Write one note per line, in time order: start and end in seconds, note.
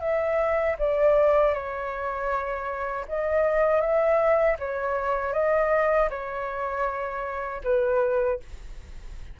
0.00 0.76 E5
0.78 1.53 D5
1.53 3.05 C#5
3.08 3.80 D#5
3.80 4.56 E5
4.59 5.33 C#5
5.33 6.09 D#5
6.09 7.61 C#5
7.64 8.40 B4